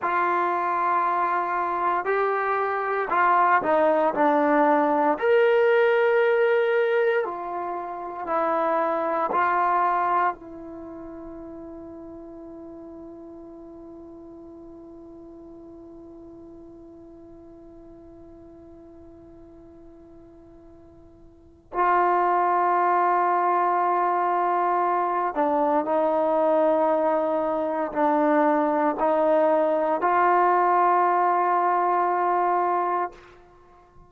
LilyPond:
\new Staff \with { instrumentName = "trombone" } { \time 4/4 \tempo 4 = 58 f'2 g'4 f'8 dis'8 | d'4 ais'2 f'4 | e'4 f'4 e'2~ | e'1~ |
e'1~ | e'4 f'2.~ | f'8 d'8 dis'2 d'4 | dis'4 f'2. | }